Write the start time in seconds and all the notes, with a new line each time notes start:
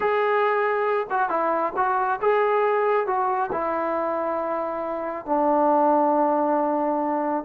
0.00 G#4
1.09 F#4
1.29 E4
1.76 F#4
2.21 G#4
3.06 F#4
3.52 E4
5.25 D4